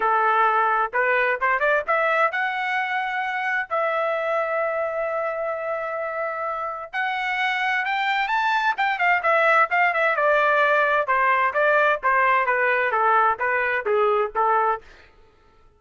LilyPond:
\new Staff \with { instrumentName = "trumpet" } { \time 4/4 \tempo 4 = 130 a'2 b'4 c''8 d''8 | e''4 fis''2. | e''1~ | e''2. fis''4~ |
fis''4 g''4 a''4 g''8 f''8 | e''4 f''8 e''8 d''2 | c''4 d''4 c''4 b'4 | a'4 b'4 gis'4 a'4 | }